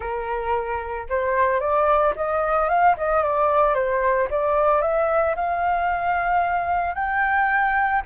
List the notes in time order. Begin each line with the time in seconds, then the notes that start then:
0.00 A#4
1.09 C5
1.60 D5
2.16 D#5
2.69 F5
2.97 D#5
3.23 D5
3.74 C5
4.30 D5
4.81 E5
5.35 F5
6.94 G5